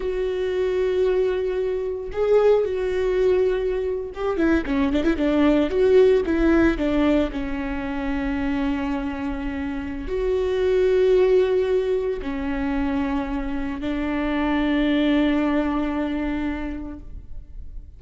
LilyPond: \new Staff \with { instrumentName = "viola" } { \time 4/4 \tempo 4 = 113 fis'1 | gis'4 fis'2~ fis'8. g'16~ | g'16 e'8 cis'8 d'16 e'16 d'4 fis'4 e'16~ | e'8. d'4 cis'2~ cis'16~ |
cis'2. fis'4~ | fis'2. cis'4~ | cis'2 d'2~ | d'1 | }